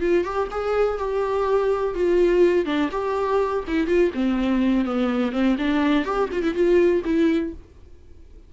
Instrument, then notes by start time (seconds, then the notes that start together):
viola
0.00 F4
0.24 G4
0.51 G#4
0.98 G4
1.94 F4
2.65 D4
2.91 G4
3.67 E4
3.87 F4
4.14 C4
4.85 B3
5.32 C4
5.58 D4
6.05 G4
6.32 F4
6.43 E4
6.54 F4
7.04 E4